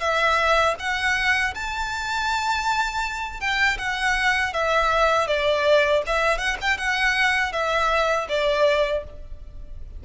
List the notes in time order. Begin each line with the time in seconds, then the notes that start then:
0.00 E5
0.79 F#5
1.54 A5
3.40 G5
3.78 F#5
4.53 E5
5.27 D5
6.06 E5
6.38 F#5
6.61 G5
6.77 F#5
7.52 E5
8.29 D5